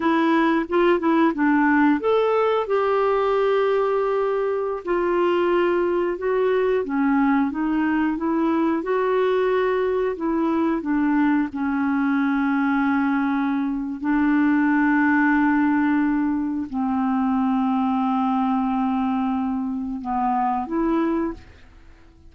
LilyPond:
\new Staff \with { instrumentName = "clarinet" } { \time 4/4 \tempo 4 = 90 e'4 f'8 e'8 d'4 a'4 | g'2.~ g'16 f'8.~ | f'4~ f'16 fis'4 cis'4 dis'8.~ | dis'16 e'4 fis'2 e'8.~ |
e'16 d'4 cis'2~ cis'8.~ | cis'4 d'2.~ | d'4 c'2.~ | c'2 b4 e'4 | }